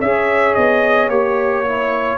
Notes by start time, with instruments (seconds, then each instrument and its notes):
0.00 tuba C#4, trombone G#4, horn C#5, trumpet E5
0.54 tuba B3, trumpet D#5
1.07 tuba A#3, trombone G4, trumpet C#5
1.65 trombone E4